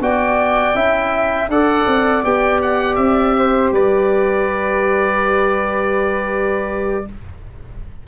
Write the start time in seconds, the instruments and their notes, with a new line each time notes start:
0.00 tuba B3, trombone F#4, flute D5, oboe G5
0.74 tuba C#4, trombone E4, flute E5
1.48 tuba D4, trombone A4, flute D5, oboe F#5
1.86 tuba C4
2.24 tuba B3, trombone G4, oboe G5
2.62 oboe F#5
2.95 tuba C4, oboe E5
3.38 flute C5
3.71 tuba G3, flute B4, oboe D5